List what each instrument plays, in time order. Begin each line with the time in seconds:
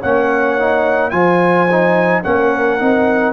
0.00 tuba A#3, trombone C#4, horn C#5, trumpet F#5
0.59 trombone D#4
1.10 tuba F3, trombone F4, horn C5, trumpet G#5
1.70 trombone D#4
2.23 tuba A#3, trombone C#4, horn A#4, trumpet F#5
2.78 tuba C4, trombone D#4